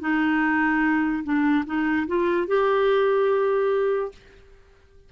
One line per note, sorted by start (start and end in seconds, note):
0.00 1.23 D#4
1.24 1.65 D4
1.66 2.07 D#4
2.07 2.47 F4
2.47 4.12 G4